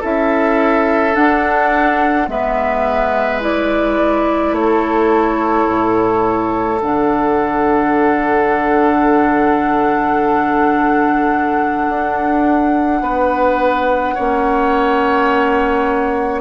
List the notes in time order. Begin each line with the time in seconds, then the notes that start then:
0.00 C#4 E4 A4 E5
1.13 D4 F#5
2.27 G#3 B3 B4 E5
3.40 E4 D5
4.52 A3 C#5
4.59 A4
5.67 A2
6.81 D3 D4 F#5
11.89 D4
13.01 B3 B4
14.14 A#3 C#4 C#5